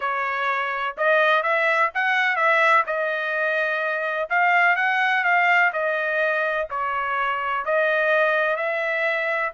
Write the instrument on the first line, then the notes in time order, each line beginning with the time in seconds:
trumpet
0.00 C#5
0.97 D#5
1.42 E5
1.94 F#5
2.36 E5
2.86 D#5
4.29 F5
4.76 F#5
5.24 F5
5.72 D#5
6.70 C#5
7.65 D#5
8.56 E5